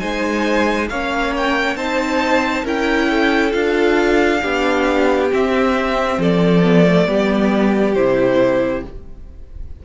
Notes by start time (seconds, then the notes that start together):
0.00 G#3 D#4 C5 G#5
0.90 A#3 C#4 C#5 F5
1.37 G5
1.76 C4 D#4 C5 A5
2.64 C#4 E4 A#4 G5
3.11 A4
3.52 D4 F4 F5
4.42 B3 D4 G4
5.31 C4 E5
6.19 F3 A4 D5
6.64 B3
6.85 A3
7.06 G3 B3 G4
7.95 C3 E4 C5